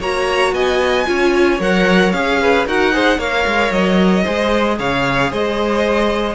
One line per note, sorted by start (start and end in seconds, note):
0.00 0.53 A#3
0.00 1.06 F#4
0.00 0.54 C#5
0.00 0.55 A#5
0.53 1.06 B3
0.53 1.07 D#5
0.53 1.61 G#5
1.06 1.60 C#4
1.06 1.59 F4
1.06 2.41 C#5
1.60 2.13 F#3
1.60 2.14 A#4
1.60 2.13 F#5
2.13 2.66 C#4
2.13 2.67 G#4
2.13 2.66 F5
2.42 2.67 B4
2.66 3.19 D#4
2.66 2.93 F#4
2.66 2.94 A#4
2.66 3.20 F#5
2.93 3.19 G#4
2.93 3.18 C5
3.18 3.45 A#3
3.18 4.25 A#4
3.18 4.24 C#5
3.18 3.72 F5
3.47 3.71 G#3
3.71 4.24 F#3
3.71 4.79 D#5
4.24 4.79 G#3
4.24 6.36 G#4
4.24 4.77 C5
4.79 5.32 C#3
4.79 5.31 C#5
4.79 5.33 F5
5.31 6.36 G#3
5.31 6.36 C5
5.31 6.36 D#5